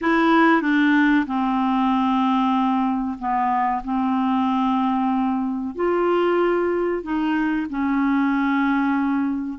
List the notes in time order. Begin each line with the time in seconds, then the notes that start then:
0.01 E4
0.61 D4
1.26 C4
3.18 B3
3.84 C4
5.75 F4
7.02 D#4
7.69 C#4